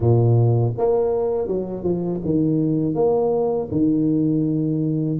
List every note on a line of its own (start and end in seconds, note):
0.00 0.73 A#2
0.77 1.47 A#3
1.47 1.83 F#3
1.83 2.20 F3
2.25 2.95 D#3
2.95 3.68 A#3
3.71 5.19 D#3